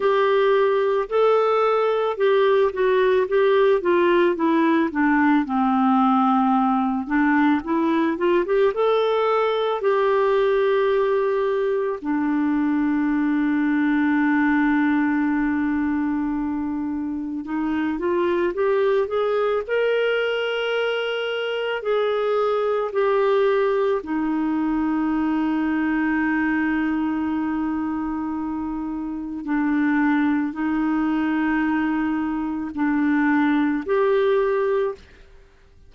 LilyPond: \new Staff \with { instrumentName = "clarinet" } { \time 4/4 \tempo 4 = 55 g'4 a'4 g'8 fis'8 g'8 f'8 | e'8 d'8 c'4. d'8 e'8 f'16 g'16 | a'4 g'2 d'4~ | d'1 |
dis'8 f'8 g'8 gis'8 ais'2 | gis'4 g'4 dis'2~ | dis'2. d'4 | dis'2 d'4 g'4 | }